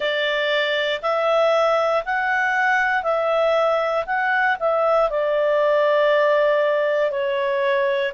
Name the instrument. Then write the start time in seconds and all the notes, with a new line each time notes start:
clarinet
0.00 D5
1.02 E5
2.05 F#5
3.03 E5
4.05 F#5
4.59 E5
5.10 D5
7.10 C#5